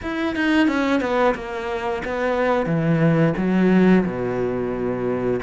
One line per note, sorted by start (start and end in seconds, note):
0.02 0.35 E4
0.36 0.67 D#4
0.67 1.00 C#4
1.00 1.34 B3
1.35 2.02 A#3
2.04 2.66 B3
2.66 3.33 E3
3.37 4.04 F#3
4.05 5.40 B2